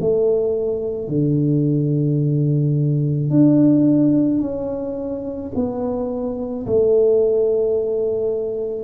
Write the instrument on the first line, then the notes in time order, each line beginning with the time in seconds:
tuba
0.00 A3
1.08 D3
3.30 D4
4.40 C#4
5.55 B3
6.66 A3